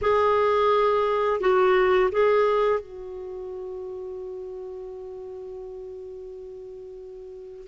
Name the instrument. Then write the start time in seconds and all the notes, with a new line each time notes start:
clarinet
0.01 G#4
1.40 F#4
2.11 G#4
2.79 F#4